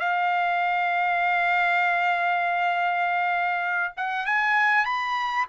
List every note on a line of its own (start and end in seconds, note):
0.00 3.94 F5
3.97 4.26 F#5
4.26 4.85 G#5
4.85 5.46 B5